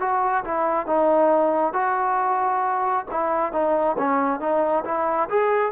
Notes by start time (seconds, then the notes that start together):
0.00 F#4
0.45 E4
0.87 D#4
1.74 F#4
3.11 E4
3.53 D#4
3.98 C#4
4.40 D#4
4.85 E4
5.29 G#4